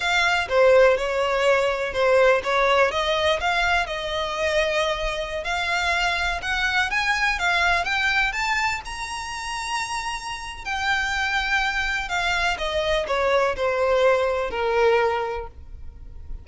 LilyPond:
\new Staff \with { instrumentName = "violin" } { \time 4/4 \tempo 4 = 124 f''4 c''4 cis''2 | c''4 cis''4 dis''4 f''4 | dis''2.~ dis''16 f''8.~ | f''4~ f''16 fis''4 gis''4 f''8.~ |
f''16 g''4 a''4 ais''4.~ ais''16~ | ais''2 g''2~ | g''4 f''4 dis''4 cis''4 | c''2 ais'2 | }